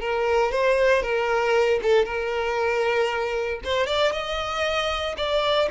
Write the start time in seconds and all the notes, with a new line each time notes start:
0.00 A#4
0.51 C5
1.03 A#4
1.82 A4
2.05 A#4
3.64 C5
3.86 D5
4.12 D#5
5.17 D5